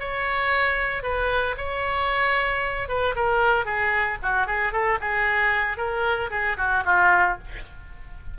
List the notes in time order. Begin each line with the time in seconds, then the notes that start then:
0.00 C#5
1.03 B4
1.57 C#5
2.89 B4
3.16 A#4
3.65 G#4
4.23 F#4
4.47 G#4
4.72 A4
5.01 G#4
5.78 A#4
6.31 G#4
6.57 F#4
6.85 F4